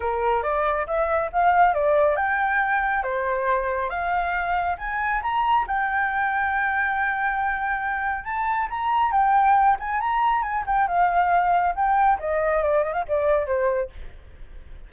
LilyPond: \new Staff \with { instrumentName = "flute" } { \time 4/4 \tempo 4 = 138 ais'4 d''4 e''4 f''4 | d''4 g''2 c''4~ | c''4 f''2 gis''4 | ais''4 g''2.~ |
g''2. a''4 | ais''4 g''4. gis''8 ais''4 | gis''8 g''8 f''2 g''4 | dis''4 d''8 dis''16 f''16 d''4 c''4 | }